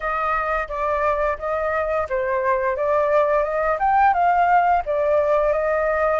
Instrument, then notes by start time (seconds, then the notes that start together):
flute
0.00 D#5
0.68 D5
1.38 D#5
2.09 C5
2.76 D5
3.43 D#5
3.79 G5
4.13 F5
4.85 D5
5.52 D#5